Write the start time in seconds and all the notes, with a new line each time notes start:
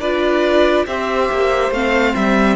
0.00 D4 F4 B4 D5
0.87 C4 G4 C5 E5
1.32 A#3
1.71 A3 C4 F5
2.15 G3 E5